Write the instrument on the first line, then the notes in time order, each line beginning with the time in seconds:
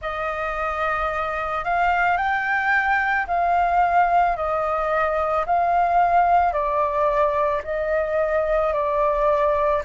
flute
0.01 D#5
1.64 F5
2.17 G5
3.27 F5
4.36 D#5
5.45 F5
6.52 D5
7.64 D#5
8.73 D5